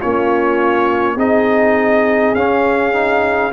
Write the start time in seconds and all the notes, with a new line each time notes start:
0.00 A#3 C#4 F4 C#5
1.15 C4 D#4 G#4 D#5
2.34 C#4 F5
2.92 D#4